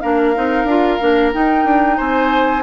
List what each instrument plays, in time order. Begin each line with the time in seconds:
0.00 bassoon A#3, clarinet D4, oboe A#4, flute F5
0.34 bassoon C4, clarinet D#4
0.64 bassoon D4, clarinet F4
1.00 bassoon A#3, clarinet D4
1.32 clarinet D#4, bassoon D#4, flute G5
1.64 bassoon D4
1.97 bassoon C4, oboe C5, flute G#5